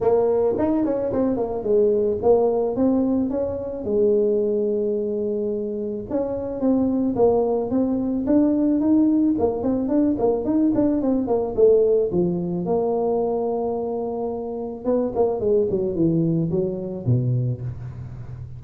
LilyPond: \new Staff \with { instrumentName = "tuba" } { \time 4/4 \tempo 4 = 109 ais4 dis'8 cis'8 c'8 ais8 gis4 | ais4 c'4 cis'4 gis4~ | gis2. cis'4 | c'4 ais4 c'4 d'4 |
dis'4 ais8 c'8 d'8 ais8 dis'8 d'8 | c'8 ais8 a4 f4 ais4~ | ais2. b8 ais8 | gis8 fis8 e4 fis4 b,4 | }